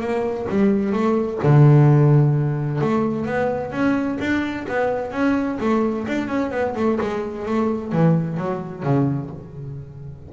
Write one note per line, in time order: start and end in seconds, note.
0.00 0.47 A#3
0.49 0.92 G3
0.92 1.39 A3
1.43 2.81 D3
2.81 3.26 A3
3.26 3.72 B3
3.72 4.18 C#4
4.20 4.66 D4
4.68 5.12 B3
5.12 5.58 C#4
5.60 6.07 A3
6.07 6.28 D4
6.28 6.51 C#4
6.51 6.74 B3
6.76 6.99 A3
7.01 7.46 G#3
7.46 7.92 A3
7.92 8.37 E3
8.37 8.83 F#3
8.83 9.30 C#3